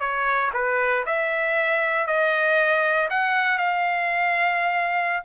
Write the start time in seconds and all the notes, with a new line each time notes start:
0.00 C#5
0.54 B4
1.06 E5
2.07 D#5
3.10 F#5
3.58 F5